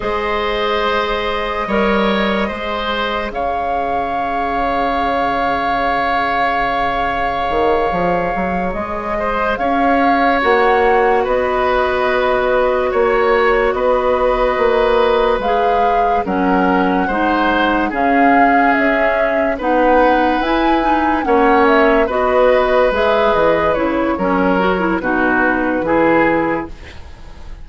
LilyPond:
<<
  \new Staff \with { instrumentName = "flute" } { \time 4/4 \tempo 4 = 72 dis''1 | f''1~ | f''2~ f''8 dis''4 f''8~ | f''8 fis''4 dis''2 cis''8~ |
cis''8 dis''2 f''4 fis''8~ | fis''4. f''4 e''4 fis''8~ | fis''8 gis''4 fis''8 e''8 dis''4 e''8 | dis''8 cis''4. b'2 | }
  \new Staff \with { instrumentName = "oboe" } { \time 4/4 c''2 cis''4 c''4 | cis''1~ | cis''2. c''8 cis''8~ | cis''4. b'2 cis''8~ |
cis''8 b'2. ais'8~ | ais'8 c''4 gis'2 b'8~ | b'4. cis''4 b'4.~ | b'4 ais'4 fis'4 gis'4 | }
  \new Staff \with { instrumentName = "clarinet" } { \time 4/4 gis'2 ais'4 gis'4~ | gis'1~ | gis'1~ | gis'8 fis'2.~ fis'8~ |
fis'2~ fis'8 gis'4 cis'8~ | cis'8 dis'4 cis'2 dis'8~ | dis'8 e'8 dis'8 cis'4 fis'4 gis'8~ | gis'8 e'8 cis'8 fis'16 e'16 dis'4 e'4 | }
  \new Staff \with { instrumentName = "bassoon" } { \time 4/4 gis2 g4 gis4 | cis1~ | cis4 dis8 f8 fis8 gis4 cis'8~ | cis'8 ais4 b2 ais8~ |
ais8 b4 ais4 gis4 fis8~ | fis8 gis4 cis4 cis'4 b8~ | b8 e'4 ais4 b4 gis8 | e8 cis8 fis4 b,4 e4 | }
>>